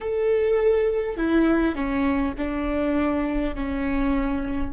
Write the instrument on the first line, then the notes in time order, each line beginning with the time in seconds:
viola
0.00 A4
1.17 E4
1.75 C#4
2.37 D4
3.55 C#4